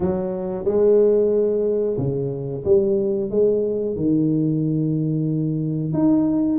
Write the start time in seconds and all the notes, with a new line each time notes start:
0.00 F#3
0.64 G#3
1.97 C#3
2.64 G3
3.30 G#3
3.96 D#3
5.93 D#4